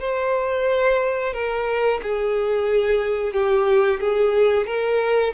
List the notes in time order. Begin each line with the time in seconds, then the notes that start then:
0.00 C5
1.34 A#4
2.03 G#4
3.33 G4
4.00 G#4
4.67 A#4